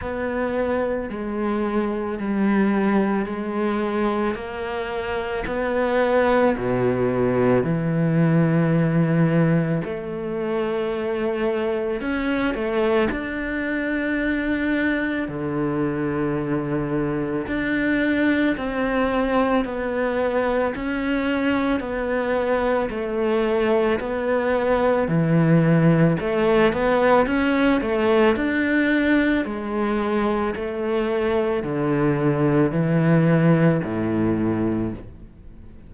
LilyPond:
\new Staff \with { instrumentName = "cello" } { \time 4/4 \tempo 4 = 55 b4 gis4 g4 gis4 | ais4 b4 b,4 e4~ | e4 a2 cis'8 a8 | d'2 d2 |
d'4 c'4 b4 cis'4 | b4 a4 b4 e4 | a8 b8 cis'8 a8 d'4 gis4 | a4 d4 e4 a,4 | }